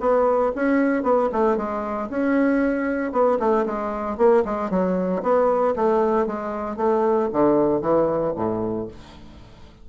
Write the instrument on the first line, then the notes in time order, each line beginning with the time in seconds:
bassoon
0.00 B3
0.55 C#4
1.03 B3
1.32 A3
1.57 G#3
2.10 C#4
3.12 B3
3.39 A3
3.66 G#3
4.17 A#3
4.45 G#3
4.70 F#3
5.22 B3
5.76 A3
6.27 G#3
6.77 A3
7.33 D3
7.81 E3
8.36 A2